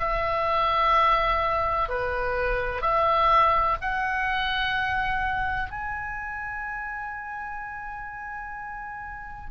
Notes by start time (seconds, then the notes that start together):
0.00 E5
1.89 B4
2.82 E5
3.81 F#5
5.71 G#5